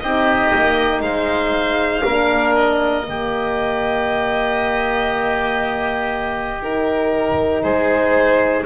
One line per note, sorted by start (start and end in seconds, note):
0.00 0.53 C4
0.00 2.04 D#4
0.00 1.04 G4
0.00 1.02 D#5
0.54 1.01 A#3
1.01 2.03 G#3
1.01 2.05 C5
1.01 2.55 F5
2.05 3.08 A#3
2.05 3.07 D4
2.05 3.07 A#4
2.56 6.62 D#5
3.08 7.64 D#3
3.08 6.63 A#3
3.08 7.63 G4
6.63 8.66 D#4
6.63 7.63 A#4
7.63 8.66 G#3
7.63 8.65 G#4
7.63 8.65 C5